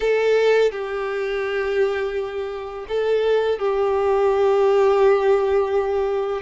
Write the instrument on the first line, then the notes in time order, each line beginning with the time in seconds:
violin
0.00 A4
0.71 G4
2.88 A4
3.58 G4